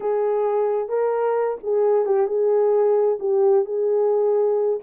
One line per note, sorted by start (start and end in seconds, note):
0.00 0.88 G#4
0.88 1.57 A#4
1.63 2.05 G#4
2.05 2.27 G4
2.27 3.18 G#4
3.19 3.65 G4
3.65 4.79 G#4